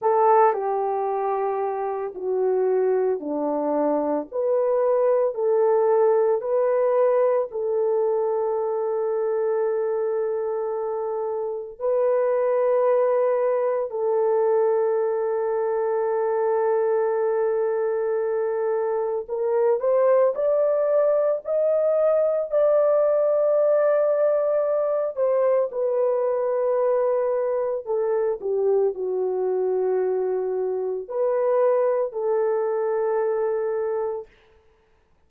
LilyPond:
\new Staff \with { instrumentName = "horn" } { \time 4/4 \tempo 4 = 56 a'8 g'4. fis'4 d'4 | b'4 a'4 b'4 a'4~ | a'2. b'4~ | b'4 a'2.~ |
a'2 ais'8 c''8 d''4 | dis''4 d''2~ d''8 c''8 | b'2 a'8 g'8 fis'4~ | fis'4 b'4 a'2 | }